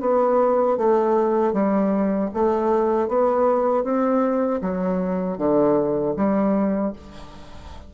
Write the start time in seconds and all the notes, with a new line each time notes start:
0.00 B3
0.77 A3
1.53 G3
2.34 A3
3.08 B3
3.83 C4
4.61 F#3
5.38 D3
6.16 G3